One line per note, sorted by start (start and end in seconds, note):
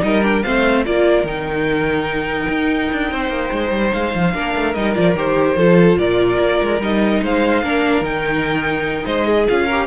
0.00 0.44 G3
0.00 0.21 D#4
0.00 0.44 A#4
0.00 0.23 D#5
0.23 0.43 D4
0.23 0.42 G5
0.42 0.86 A3
0.42 0.85 C4
0.42 0.85 C5
0.42 0.83 F5
0.85 1.23 A#3
0.85 1.26 F4
0.85 3.10 A#4
0.85 1.26 D5
1.23 2.46 D#3
1.23 4.33 D#4
1.23 3.92 G5
2.49 2.90 D#4
2.92 3.11 D4
3.10 3.29 C4
3.10 4.34 C5
3.29 3.49 A#3
3.52 3.71 G#3
3.71 3.92 G3
3.92 4.14 G#3
3.92 4.74 F5
4.14 4.33 F3
4.33 4.54 A#3
4.33 4.75 D4
4.33 5.57 A#4
4.55 4.75 A3
4.74 4.96 G3
4.74 4.94 D#4
4.74 4.94 D#5
4.94 5.14 F3
4.94 5.15 F4
4.94 5.15 D5
5.14 5.56 D#3
5.14 5.56 G4
5.14 5.98 C5
5.56 5.97 F3
5.56 6.79 F4
5.56 5.98 A4
5.98 6.39 A#2
5.98 7.22 A#4
5.98 6.80 D5
6.39 6.60 A#3
6.62 6.80 G#3
6.80 7.21 G3
6.80 7.64 D#4
6.80 7.24 D#5
7.22 7.62 G#3
7.22 7.64 C5
7.22 8.04 F5
7.62 8.00 A#3
7.62 8.03 D4
7.62 9.05 A#4
8.00 9.03 D#3
8.00 9.47 D#4
8.00 9.05 G5
9.05 9.47 G#3
9.05 9.26 C5
9.05 9.46 D#5
9.26 9.65 G#4
9.48 9.86 C#4
9.48 9.68 F4
9.48 9.86 F5
9.65 9.86 G4
9.65 9.86 A#4